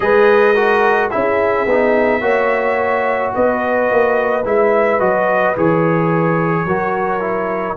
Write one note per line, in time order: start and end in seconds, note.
0.00 1.11 G#3
0.00 0.54 G#4
0.00 0.54 B4
0.00 1.09 D#5
0.54 1.10 F#4
0.54 1.10 A#4
1.10 1.65 C#4
1.10 1.66 E4
1.10 2.22 G#4
1.10 3.32 E5
1.65 2.21 B3
1.65 2.21 D#4
2.21 3.32 A#3
2.21 4.43 F#4
2.21 3.33 C#5
3.33 3.91 B3
3.33 6.66 B4
3.33 4.45 D#5
3.91 4.45 A#3
4.44 5.00 G#3
4.44 4.99 E4
4.44 5.00 E5
4.99 5.56 F#3
4.99 5.55 F#4
4.99 5.55 D#5
5.56 6.65 E3
5.56 6.67 G#4
5.56 7.77 C#5
6.65 7.76 F#3
6.65 7.20 F#4
6.65 7.77 A#4
7.20 7.76 E4